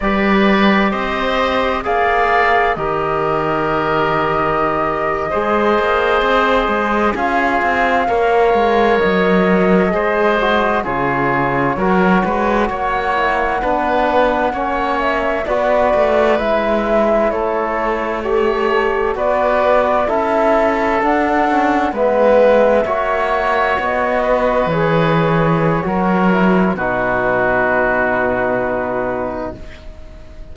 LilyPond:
<<
  \new Staff \with { instrumentName = "flute" } { \time 4/4 \tempo 4 = 65 d''4 dis''4 f''4 dis''4~ | dis''2.~ dis''8. f''16~ | f''4.~ f''16 dis''2 cis''16~ | cis''4.~ cis''16 fis''2~ fis''16~ |
fis''16 e''8 d''4 e''4 cis''4 a'16~ | a'8. d''4 e''4 fis''4 e''16~ | e''4.~ e''16 dis''4 cis''4~ cis''16~ | cis''4 b'2. | }
  \new Staff \with { instrumentName = "oboe" } { \time 4/4 b'4 c''4 d''4 ais'4~ | ais'4.~ ais'16 c''2 gis'16~ | gis'8. cis''2 c''4 gis'16~ | gis'8. ais'8 b'8 cis''4 b'4 cis''16~ |
cis''8. b'2 a'4 cis''16~ | cis''8. b'4 a'2 b'16~ | b'8. cis''4. b'4.~ b'16 | ais'4 fis'2. | }
  \new Staff \with { instrumentName = "trombone" } { \time 4/4 g'2 gis'4 g'4~ | g'4.~ g'16 gis'2 f'16~ | f'8. ais'2 gis'8 fis'8 f'16~ | f'8. fis'4. e'8 d'4 cis'16~ |
cis'8. fis'4 e'2 g'16~ | g'8. fis'4 e'4 d'8 cis'8 b16~ | b8. fis'2 gis'4~ gis'16 | fis'8 e'8 dis'2. | }
  \new Staff \with { instrumentName = "cello" } { \time 4/4 g4 c'4 ais4 dis4~ | dis4.~ dis16 gis8 ais8 c'8 gis8 cis'16~ | cis'16 c'8 ais8 gis8 fis4 gis4 cis16~ | cis8. fis8 gis8 ais4 b4 ais16~ |
ais8. b8 a8 gis4 a4~ a16~ | a8. b4 cis'4 d'4 gis16~ | gis8. ais4 b4 e4~ e16 | fis4 b,2. | }
>>